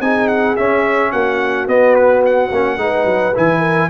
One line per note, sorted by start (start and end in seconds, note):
0.00 0.56 C4
0.00 0.56 D#4
0.00 1.11 G#4
0.00 0.28 G#5
0.28 0.55 F#5
0.56 1.68 C#4
0.56 1.12 C#4
0.56 1.11 E5
1.11 1.67 A#3
1.11 2.78 F#4
1.11 1.67 F#5
1.67 2.50 B3
1.67 2.51 B3
1.67 1.94 D#5
1.94 2.22 B4
2.25 3.36 F#5
2.51 2.77 A#3
2.51 2.77 C#4
2.77 3.04 G#3
2.77 3.33 D#4
2.77 3.59 B4
3.04 3.32 F#3
3.35 3.89 E3
3.35 3.89 E4
3.35 3.89 G#5
3.59 3.86 A#4